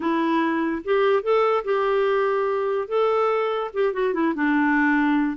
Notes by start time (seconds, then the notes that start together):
0.00 E4
0.84 G4
1.22 A4
1.64 G4
2.88 A4
3.73 G4
3.93 F#4
4.13 E4
4.34 D4